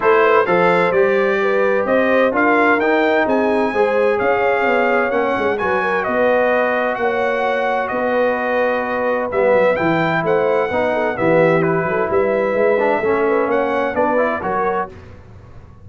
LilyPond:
<<
  \new Staff \with { instrumentName = "trumpet" } { \time 4/4 \tempo 4 = 129 c''4 f''4 d''2 | dis''4 f''4 g''4 gis''4~ | gis''4 f''2 fis''4 | gis''4 dis''2 fis''4~ |
fis''4 dis''2. | e''4 g''4 fis''2 | e''4 b'4 e''2~ | e''4 fis''4 d''4 cis''4 | }
  \new Staff \with { instrumentName = "horn" } { \time 4/4 a'8 b'8 c''2 b'4 | c''4 ais'2 gis'4 | c''4 cis''2. | b'8 ais'8 b'2 cis''4~ |
cis''4 b'2.~ | b'2 c''4 b'8 a'8 | g'4. a'8 b'2 | a'8 b'8 cis''4 b'4 ais'4 | }
  \new Staff \with { instrumentName = "trombone" } { \time 4/4 e'4 a'4 g'2~ | g'4 f'4 dis'2 | gis'2. cis'4 | fis'1~ |
fis'1 | b4 e'2 dis'4 | b4 e'2~ e'8 d'8 | cis'2 d'8 e'8 fis'4 | }
  \new Staff \with { instrumentName = "tuba" } { \time 4/4 a4 f4 g2 | c'4 d'4 dis'4 c'4 | gis4 cis'4 b4 ais8 gis8 | fis4 b2 ais4~ |
ais4 b2. | g8 fis8 e4 a4 b4 | e4. fis8 g4 gis4 | a4 ais4 b4 fis4 | }
>>